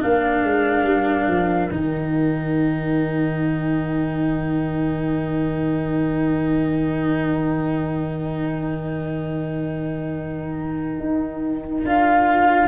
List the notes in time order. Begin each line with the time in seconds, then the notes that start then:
0.00 A#3 D4 A#4 F5
0.43 G#3
0.84 G3
1.28 F3
1.71 D#3 D#4 G5
11.00 D#4
11.84 D4 F4 F5